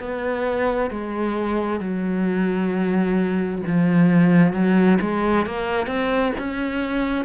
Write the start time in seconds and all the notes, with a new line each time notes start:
0.00 B3
0.90 G#3
1.81 F#3
3.67 F3
4.53 F#3
5.01 G#3
5.46 A#3
5.87 C4
6.39 C#4